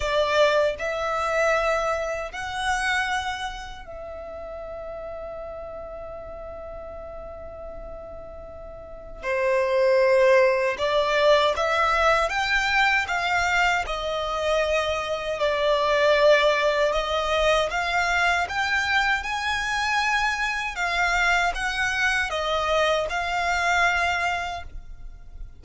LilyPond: \new Staff \with { instrumentName = "violin" } { \time 4/4 \tempo 4 = 78 d''4 e''2 fis''4~ | fis''4 e''2.~ | e''1 | c''2 d''4 e''4 |
g''4 f''4 dis''2 | d''2 dis''4 f''4 | g''4 gis''2 f''4 | fis''4 dis''4 f''2 | }